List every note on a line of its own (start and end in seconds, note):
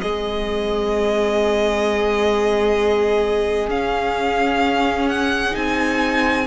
0.00 3.68 G#3
0.00 3.70 C4
0.00 6.47 G#4
0.00 3.69 D#5
3.68 5.53 C#4
3.68 5.52 C#4
3.68 5.09 F5
5.09 5.55 F#5
5.52 6.47 C4
5.52 6.44 D#4
5.52 6.47 G#5